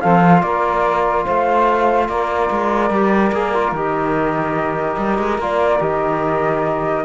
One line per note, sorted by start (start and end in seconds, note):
0.00 0.42 F3
0.00 0.23 C4
0.00 0.41 A4
0.00 0.41 F5
0.23 2.92 F4
0.41 1.25 A#3
0.41 1.24 A#4
0.41 1.24 D5
1.24 2.08 A3
1.24 2.07 C5
1.24 2.08 F5
2.08 2.49 A#3
2.08 7.05 A#4
2.08 3.74 D5
2.50 2.90 G#3
2.90 3.31 G3
2.90 3.33 G4
3.32 3.71 A#3
3.32 3.54 G#4
3.54 3.74 F4
3.71 4.96 D#3
3.71 5.40 G4
3.71 5.40 D#5
4.97 5.17 G3
5.17 5.37 G#3
5.37 5.79 A#3
5.37 5.80 F4
5.37 5.81 D5
5.80 7.04 D#3
5.80 7.04 G4
5.80 7.05 D#5